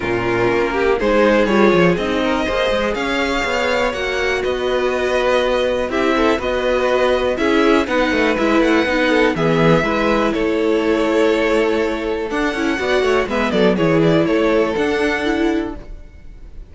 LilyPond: <<
  \new Staff \with { instrumentName = "violin" } { \time 4/4 \tempo 4 = 122 ais'2 c''4 cis''4 | dis''2 f''2 | fis''4 dis''2. | e''4 dis''2 e''4 |
fis''4 e''8 fis''4. e''4~ | e''4 cis''2.~ | cis''4 fis''2 e''8 d''8 | cis''8 d''8 cis''4 fis''2 | }
  \new Staff \with { instrumentName = "violin" } { \time 4/4 f'4. g'8 gis'2~ | gis'8 ais'8 c''4 cis''2~ | cis''4 b'2. | g'8 a'8 b'2 gis'4 |
b'2~ b'8 a'8 gis'4 | b'4 a'2.~ | a'2 d''8 cis''8 b'8 a'8 | gis'4 a'2. | }
  \new Staff \with { instrumentName = "viola" } { \time 4/4 cis'2 dis'4 f'4 | dis'4 gis'2. | fis'1 | e'4 fis'2 e'4 |
dis'4 e'4 dis'4 b4 | e'1~ | e'4 d'8 e'8 fis'4 b4 | e'2 d'4 e'4 | }
  \new Staff \with { instrumentName = "cello" } { \time 4/4 ais,4 ais4 gis4 g8 f8 | c'4 ais8 gis8 cis'4 b4 | ais4 b2. | c'4 b2 cis'4 |
b8 a8 gis8 a8 b4 e4 | gis4 a2.~ | a4 d'8 cis'8 b8 a8 gis8 fis8 | e4 a4 d'2 | }
>>